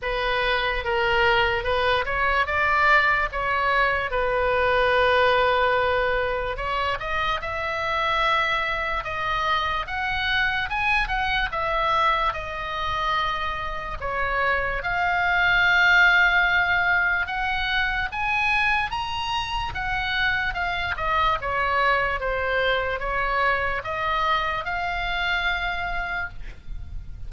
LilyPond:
\new Staff \with { instrumentName = "oboe" } { \time 4/4 \tempo 4 = 73 b'4 ais'4 b'8 cis''8 d''4 | cis''4 b'2. | cis''8 dis''8 e''2 dis''4 | fis''4 gis''8 fis''8 e''4 dis''4~ |
dis''4 cis''4 f''2~ | f''4 fis''4 gis''4 ais''4 | fis''4 f''8 dis''8 cis''4 c''4 | cis''4 dis''4 f''2 | }